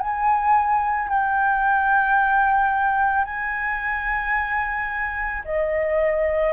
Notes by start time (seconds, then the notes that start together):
0.00 G#5
1.09 G5
3.25 G#5
5.45 D#5